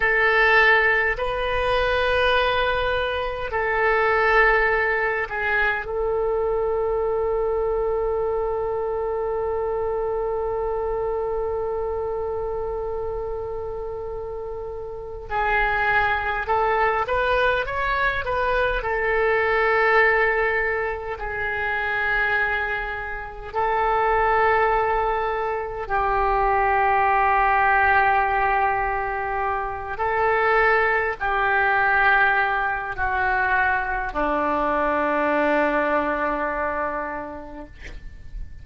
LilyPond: \new Staff \with { instrumentName = "oboe" } { \time 4/4 \tempo 4 = 51 a'4 b'2 a'4~ | a'8 gis'8 a'2.~ | a'1~ | a'4 gis'4 a'8 b'8 cis''8 b'8 |
a'2 gis'2 | a'2 g'2~ | g'4. a'4 g'4. | fis'4 d'2. | }